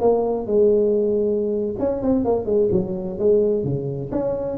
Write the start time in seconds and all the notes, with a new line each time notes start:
0.00 A#3
0.46 G#3
1.79 C#4
2.02 C4
2.25 A#3
2.45 G#3
2.71 F#3
3.19 G#3
3.64 C#3
4.11 C#4